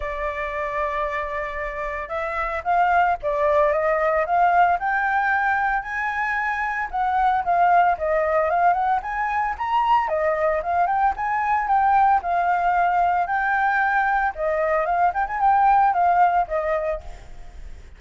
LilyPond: \new Staff \with { instrumentName = "flute" } { \time 4/4 \tempo 4 = 113 d''1 | e''4 f''4 d''4 dis''4 | f''4 g''2 gis''4~ | gis''4 fis''4 f''4 dis''4 |
f''8 fis''8 gis''4 ais''4 dis''4 | f''8 g''8 gis''4 g''4 f''4~ | f''4 g''2 dis''4 | f''8 g''16 gis''16 g''4 f''4 dis''4 | }